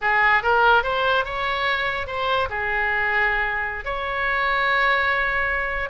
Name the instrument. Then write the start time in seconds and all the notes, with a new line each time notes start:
oboe
0.01 G#4
0.43 A#4
0.83 C5
1.24 C#5
2.07 C5
2.49 G#4
3.84 C#5